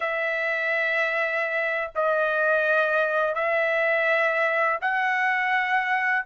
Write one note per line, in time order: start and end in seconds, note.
0.00 1.91 E5
1.95 3.34 D#5
3.34 4.78 E5
4.81 6.25 F#5